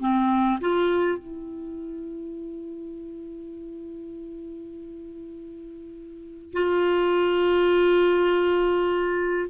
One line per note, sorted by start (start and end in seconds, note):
0.00 0.59 C4
0.60 1.18 F4
1.18 6.53 E4
6.53 9.50 F4